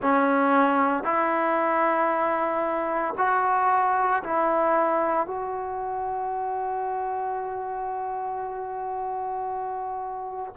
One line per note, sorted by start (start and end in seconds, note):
0.02 1.03 C#4
1.03 3.14 E4
3.17 4.22 F#4
4.23 5.26 E4
5.26 10.53 F#4